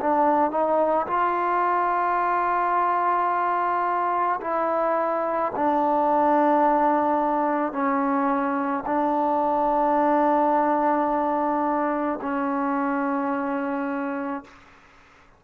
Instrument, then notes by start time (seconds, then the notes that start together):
trombone
0.00 D4
0.51 D#4
1.07 F4
4.41 E4
5.56 D4
7.72 C#4
8.86 D4
12.22 C#4